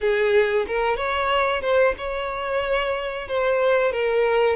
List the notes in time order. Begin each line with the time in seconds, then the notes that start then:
0.01 G#4
0.67 A#4
0.96 C#5
1.61 C5
1.97 C#5
3.28 C5
3.92 A#4